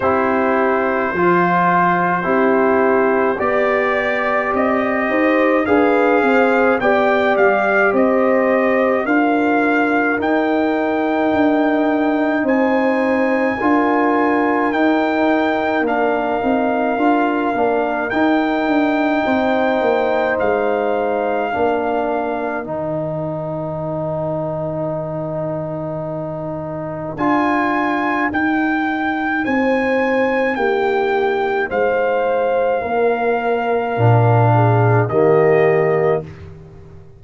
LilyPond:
<<
  \new Staff \with { instrumentName = "trumpet" } { \time 4/4 \tempo 4 = 53 c''2. d''4 | dis''4 f''4 g''8 f''8 dis''4 | f''4 g''2 gis''4~ | gis''4 g''4 f''2 |
g''2 f''2 | g''1 | gis''4 g''4 gis''4 g''4 | f''2. dis''4 | }
  \new Staff \with { instrumentName = "horn" } { \time 4/4 g'4 f'4 g'4 d''4~ | d''8 c''8 b'8 c''8 d''4 c''4 | ais'2. c''4 | ais'1~ |
ais'4 c''2 ais'4~ | ais'1~ | ais'2 c''4 g'4 | c''4 ais'4. gis'8 g'4 | }
  \new Staff \with { instrumentName = "trombone" } { \time 4/4 e'4 f'4 e'4 g'4~ | g'4 gis'4 g'2 | f'4 dis'2. | f'4 dis'4 d'8 dis'8 f'8 d'8 |
dis'2. d'4 | dis'1 | f'4 dis'2.~ | dis'2 d'4 ais4 | }
  \new Staff \with { instrumentName = "tuba" } { \time 4/4 c'4 f4 c'4 b4 | c'8 dis'8 d'8 c'8 b8 g8 c'4 | d'4 dis'4 d'4 c'4 | d'4 dis'4 ais8 c'8 d'8 ais8 |
dis'8 d'8 c'8 ais8 gis4 ais4 | dis1 | d'4 dis'4 c'4 ais4 | gis4 ais4 ais,4 dis4 | }
>>